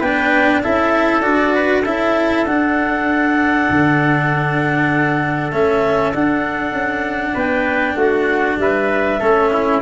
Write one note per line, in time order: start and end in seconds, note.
0.00 0.62 B3
0.00 0.64 D4
0.00 0.61 B4
0.00 0.62 G5
0.64 1.25 C#4
0.64 1.22 E4
0.64 1.55 A4
0.64 1.21 E5
1.21 1.86 D4
1.21 1.84 F#4
1.21 1.82 D5
1.55 1.82 B4
1.82 2.46 C#4
1.82 2.47 E4
1.82 7.33 A4
1.82 2.46 E5
2.46 3.68 D4
2.46 5.52 D4
2.46 5.52 F#5
3.70 5.53 D3
5.52 6.14 A3
5.52 6.14 C#4
5.52 6.13 E5
6.14 6.73 D4
6.14 9.21 D4
6.14 7.37 F#5
6.73 7.34 C#4
7.34 7.96 B3
7.34 7.95 B4
7.34 7.97 G5
7.96 8.57 A3
7.96 8.59 F#4
7.96 8.58 F#5
8.58 9.19 G3
8.58 9.20 B4
8.58 9.82 E5
9.20 9.82 A3
9.20 9.82 C#4
9.20 9.50 A4
9.53 9.82 E4